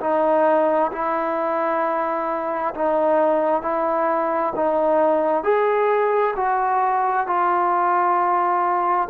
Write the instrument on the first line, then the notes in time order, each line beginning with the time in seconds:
trombone
0.00 D#4
0.92 E4
2.74 D#4
3.62 E4
4.56 D#4
5.43 G#4
6.36 F#4
7.27 F4